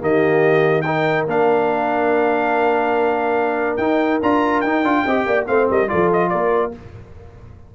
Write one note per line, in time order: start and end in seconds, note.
0.00 1.27 D#3
0.00 0.84 A#3
0.00 0.85 G4
0.00 0.81 D#5
0.81 1.27 D#4
0.81 5.05 A#4
0.81 1.23 G5
1.27 3.78 A#3
1.27 3.79 D4
1.27 3.77 F5
3.77 4.19 D#4
3.77 4.21 D#4
3.77 4.19 G5
4.22 4.63 D4
4.22 4.64 F4
4.22 4.60 A#5
4.60 4.82 D#4
4.60 4.84 D#4
4.60 5.44 G5
4.82 5.03 D4
4.82 5.05 F4
5.05 5.26 C4
5.05 5.46 G4
5.05 5.26 D#5
5.26 5.47 A#3
5.26 5.48 D5
5.46 5.69 A3
5.46 5.87 C4
5.46 5.69 C5
5.46 5.67 F5
5.69 5.91 G3
5.69 5.90 A#4
5.69 5.89 D#5
5.87 6.33 F3
5.87 6.71 F4
5.87 6.31 A4
5.87 6.10 D5
6.12 6.29 D#5
6.29 6.75 A#3
6.29 6.73 A#4
6.29 6.71 D5